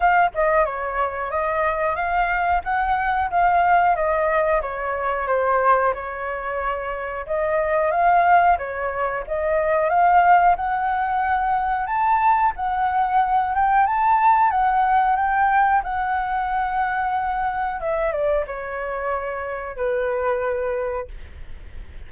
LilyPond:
\new Staff \with { instrumentName = "flute" } { \time 4/4 \tempo 4 = 91 f''8 dis''8 cis''4 dis''4 f''4 | fis''4 f''4 dis''4 cis''4 | c''4 cis''2 dis''4 | f''4 cis''4 dis''4 f''4 |
fis''2 a''4 fis''4~ | fis''8 g''8 a''4 fis''4 g''4 | fis''2. e''8 d''8 | cis''2 b'2 | }